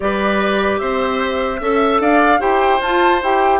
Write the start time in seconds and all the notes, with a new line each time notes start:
0.00 G3 G4 B4 D5
0.78 C4 C5 E5
1.60 C#4 A4 E5
2.00 D4 D5 F5
2.39 E4 G4 C5 G5
2.80 F4 A5
3.22 E4 G4 G5